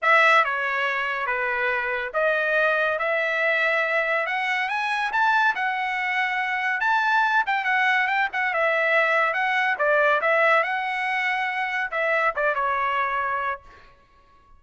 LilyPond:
\new Staff \with { instrumentName = "trumpet" } { \time 4/4 \tempo 4 = 141 e''4 cis''2 b'4~ | b'4 dis''2 e''4~ | e''2 fis''4 gis''4 | a''4 fis''2. |
a''4. g''8 fis''4 g''8 fis''8 | e''2 fis''4 d''4 | e''4 fis''2. | e''4 d''8 cis''2~ cis''8 | }